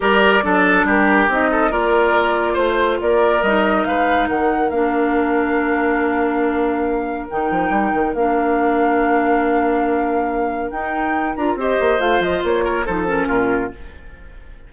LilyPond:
<<
  \new Staff \with { instrumentName = "flute" } { \time 4/4 \tempo 4 = 140 d''2 ais'4 dis''4 | d''2 c''4 d''4 | dis''4 f''4 fis''4 f''4~ | f''1~ |
f''4 g''2 f''4~ | f''1~ | f''4 g''4. ais''8 dis''4 | f''8 dis''8 cis''4 c''8 ais'4. | }
  \new Staff \with { instrumentName = "oboe" } { \time 4/4 ais'4 a'4 g'4. a'8 | ais'2 c''4 ais'4~ | ais'4 b'4 ais'2~ | ais'1~ |
ais'1~ | ais'1~ | ais'2. c''4~ | c''4. ais'8 a'4 f'4 | }
  \new Staff \with { instrumentName = "clarinet" } { \time 4/4 g'4 d'2 dis'4 | f'1 | dis'2. d'4~ | d'1~ |
d'4 dis'2 d'4~ | d'1~ | d'4 dis'4. f'8 g'4 | f'2 dis'8 cis'4. | }
  \new Staff \with { instrumentName = "bassoon" } { \time 4/4 g4 fis4 g4 c'4 | ais2 a4 ais4 | g4 gis4 dis4 ais4~ | ais1~ |
ais4 dis8 f8 g8 dis8 ais4~ | ais1~ | ais4 dis'4. d'8 c'8 ais8 | a8 f8 ais4 f4 ais,4 | }
>>